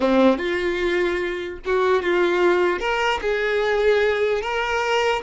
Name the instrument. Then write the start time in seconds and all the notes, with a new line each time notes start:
violin
0.00 C4
0.37 F4
1.65 F#4
2.02 F4
2.79 A#4
3.21 G#4
4.41 A#4